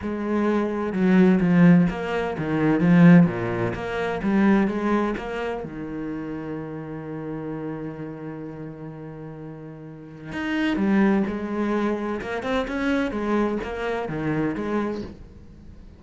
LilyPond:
\new Staff \with { instrumentName = "cello" } { \time 4/4 \tempo 4 = 128 gis2 fis4 f4 | ais4 dis4 f4 ais,4 | ais4 g4 gis4 ais4 | dis1~ |
dis1~ | dis2 dis'4 g4 | gis2 ais8 c'8 cis'4 | gis4 ais4 dis4 gis4 | }